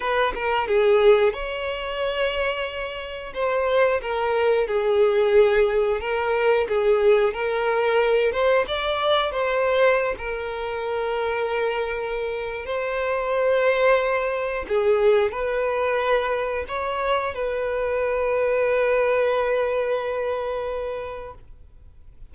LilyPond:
\new Staff \with { instrumentName = "violin" } { \time 4/4 \tempo 4 = 90 b'8 ais'8 gis'4 cis''2~ | cis''4 c''4 ais'4 gis'4~ | gis'4 ais'4 gis'4 ais'4~ | ais'8 c''8 d''4 c''4~ c''16 ais'8.~ |
ais'2. c''4~ | c''2 gis'4 b'4~ | b'4 cis''4 b'2~ | b'1 | }